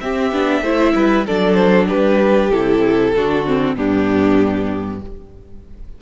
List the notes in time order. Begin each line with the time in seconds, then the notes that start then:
0.00 C4 G4 E5
0.32 B3 D4
0.61 A3 E4 C5
0.95 G3 B4
1.26 F#3 D4 A4 D5
1.54 C5
1.88 G3 G4 B4
2.51 C3 E4 A4
3.14 D3 D4 F#4
3.46 C4
3.75 G2 B3 D4 G4